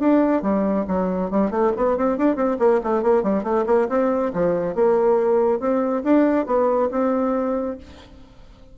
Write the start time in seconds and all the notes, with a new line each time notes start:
0.00 D4
0.43 G3
0.88 F#3
1.31 G3
1.51 A3
1.77 B3
1.98 C4
2.18 D4
2.36 C4
2.60 A#3
2.84 A3
3.03 A#3
3.24 G3
3.44 A3
3.67 A#3
3.90 C4
4.34 F3
4.76 A#3
5.60 C4
6.04 D4
6.47 B3
6.91 C4